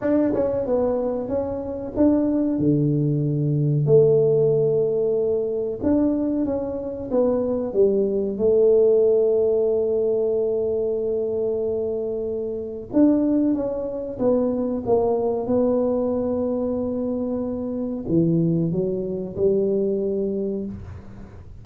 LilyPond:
\new Staff \with { instrumentName = "tuba" } { \time 4/4 \tempo 4 = 93 d'8 cis'8 b4 cis'4 d'4 | d2 a2~ | a4 d'4 cis'4 b4 | g4 a2.~ |
a1 | d'4 cis'4 b4 ais4 | b1 | e4 fis4 g2 | }